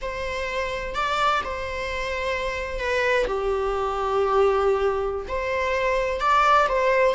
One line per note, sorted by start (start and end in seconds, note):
0.01 0.94 C5
0.94 1.41 D5
1.44 2.79 C5
2.79 3.26 B4
3.26 5.26 G4
5.28 6.20 C5
6.20 6.67 D5
6.68 7.14 C5